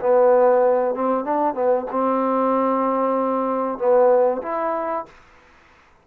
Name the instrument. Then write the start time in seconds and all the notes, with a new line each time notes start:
trombone
0.00 B3
0.95 C4
1.24 D4
1.54 B3
1.91 C4
3.78 B3
4.42 E4